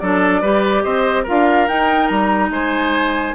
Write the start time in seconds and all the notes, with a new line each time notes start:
0.00 F#3 D4 A4 D5
0.42 G3 G4 B4
0.83 C4 C5 D#5
1.23 F4 A#4 F5
1.30 D4
1.68 D#4 G5
2.09 G3 A#5
2.51 G#3 C5 G#5